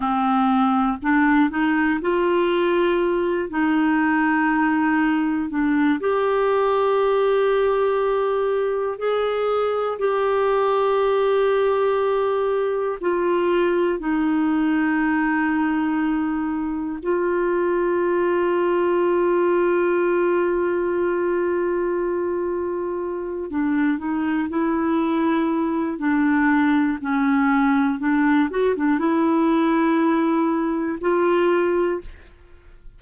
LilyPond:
\new Staff \with { instrumentName = "clarinet" } { \time 4/4 \tempo 4 = 60 c'4 d'8 dis'8 f'4. dis'8~ | dis'4. d'8 g'2~ | g'4 gis'4 g'2~ | g'4 f'4 dis'2~ |
dis'4 f'2.~ | f'2.~ f'8 d'8 | dis'8 e'4. d'4 cis'4 | d'8 fis'16 d'16 e'2 f'4 | }